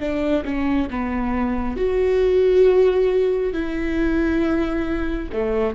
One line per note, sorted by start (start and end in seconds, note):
0.00 0.44 D4
0.45 0.89 C#4
0.90 1.77 B3
1.77 3.53 F#4
3.53 5.30 E4
5.33 5.76 A3